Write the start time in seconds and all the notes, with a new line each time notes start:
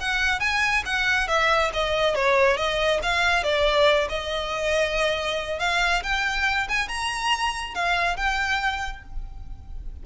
0.00 F#5
0.40 G#5
0.85 F#5
1.28 E5
1.73 D#5
2.15 C#5
2.57 D#5
3.02 F5
3.43 D5
4.09 D#5
5.59 F5
6.03 G5
6.68 G#5
6.88 A#5
7.74 F5
8.16 G5